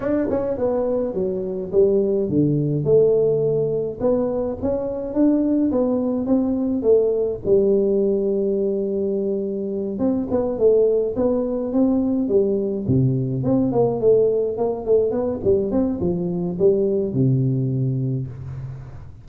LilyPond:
\new Staff \with { instrumentName = "tuba" } { \time 4/4 \tempo 4 = 105 d'8 cis'8 b4 fis4 g4 | d4 a2 b4 | cis'4 d'4 b4 c'4 | a4 g2.~ |
g4. c'8 b8 a4 b8~ | b8 c'4 g4 c4 c'8 | ais8 a4 ais8 a8 b8 g8 c'8 | f4 g4 c2 | }